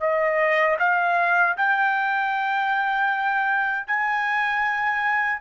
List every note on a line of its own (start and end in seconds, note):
0.00 0.77 D#5
0.79 1.56 F5
1.57 3.87 G5
3.87 5.41 G#5